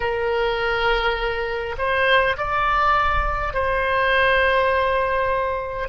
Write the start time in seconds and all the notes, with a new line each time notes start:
0.00 A#4
1.78 C5
2.37 D5
3.53 C5